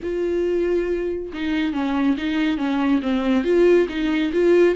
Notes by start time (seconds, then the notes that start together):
0.02 F4
1.33 D#4
1.73 C#4
2.17 D#4
2.57 C#4
3.02 C4
3.44 F4
3.88 D#4
4.32 F4